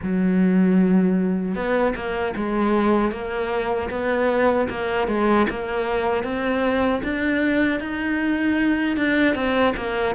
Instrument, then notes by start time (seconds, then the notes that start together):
cello
0.02 F#3
1.55 B3
1.95 A#3
2.36 G#3
3.11 A#3
3.90 B3
4.69 A#3
5.07 G#3
5.49 A#3
6.23 C4
7.03 D4
7.80 D#4
8.96 D4
9.35 C4
9.76 A#3